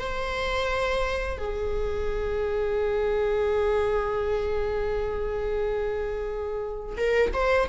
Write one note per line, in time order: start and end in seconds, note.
0.00 1.38 C5
1.38 6.96 G#4
6.97 7.32 A#4
7.34 7.69 C5